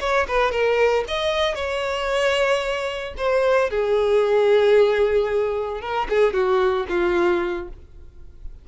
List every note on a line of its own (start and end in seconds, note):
0.00 0.27 C#5
0.28 0.51 B4
0.51 1.04 A#4
1.08 1.55 D#5
1.55 3.14 C#5
3.17 3.70 C5
3.70 5.81 G#4
5.81 6.07 A#4
6.09 6.33 G#4
6.33 6.86 F#4
6.89 7.68 F4